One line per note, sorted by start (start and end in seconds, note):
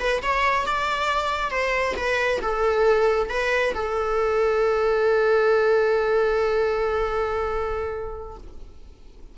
0.00 0.22 B4
0.22 0.66 C#5
0.66 1.51 D5
1.51 1.95 C5
1.97 2.41 B4
2.42 3.30 A4
3.30 3.74 B4
3.74 8.38 A4